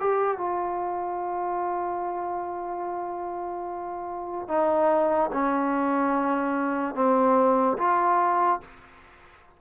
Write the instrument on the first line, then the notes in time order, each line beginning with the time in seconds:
trombone
0.00 G4
0.38 F4
4.48 D#4
5.33 C#4
6.95 C4
7.79 F4